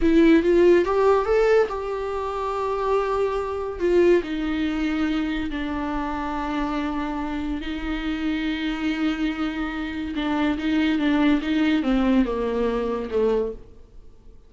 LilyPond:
\new Staff \with { instrumentName = "viola" } { \time 4/4 \tempo 4 = 142 e'4 f'4 g'4 a'4 | g'1~ | g'4 f'4 dis'2~ | dis'4 d'2.~ |
d'2 dis'2~ | dis'1 | d'4 dis'4 d'4 dis'4 | c'4 ais2 a4 | }